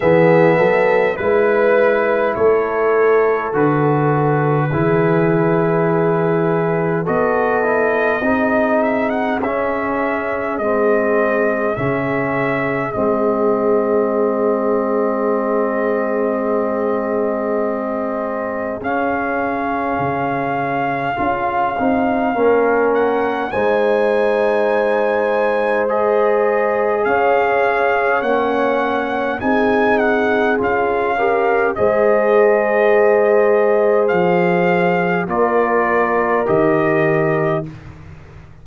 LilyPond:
<<
  \new Staff \with { instrumentName = "trumpet" } { \time 4/4 \tempo 4 = 51 e''4 b'4 cis''4 b'4~ | b'2 dis''4. e''16 fis''16 | e''4 dis''4 e''4 dis''4~ | dis''1 |
f''2.~ f''8 fis''8 | gis''2 dis''4 f''4 | fis''4 gis''8 fis''8 f''4 dis''4~ | dis''4 f''4 d''4 dis''4 | }
  \new Staff \with { instrumentName = "horn" } { \time 4/4 gis'8 a'8 b'4 a'2 | gis'2 a'4 gis'4~ | gis'1~ | gis'1~ |
gis'2. ais'4 | c''2. cis''4~ | cis''4 gis'4. ais'8 c''4~ | c''2 ais'2 | }
  \new Staff \with { instrumentName = "trombone" } { \time 4/4 b4 e'2 fis'4 | e'2 fis'8 e'8 dis'4 | cis'4 c'4 cis'4 c'4~ | c'1 |
cis'2 f'8 dis'8 cis'4 | dis'2 gis'2 | cis'4 dis'4 f'8 g'8 gis'4~ | gis'2 f'4 g'4 | }
  \new Staff \with { instrumentName = "tuba" } { \time 4/4 e8 fis8 gis4 a4 d4 | e2 b4 c'4 | cis'4 gis4 cis4 gis4~ | gis1 |
cis'4 cis4 cis'8 c'8 ais4 | gis2. cis'4 | ais4 c'4 cis'4 gis4~ | gis4 f4 ais4 dis4 | }
>>